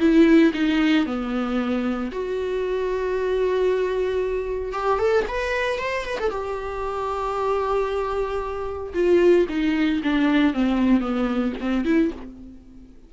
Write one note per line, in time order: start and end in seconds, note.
0.00 0.53 E4
0.54 1.06 D#4
1.06 2.12 B3
2.12 4.73 F#4
4.73 4.99 G4
4.99 5.25 A4
5.28 5.79 B4
5.79 6.06 C5
6.06 6.19 B4
6.20 6.31 A4
6.31 8.94 G4
8.94 9.47 F4
9.49 10.02 D#4
10.04 10.54 D4
10.54 11.01 C4
11.01 11.54 B3
11.61 11.85 C4
11.85 12.12 E4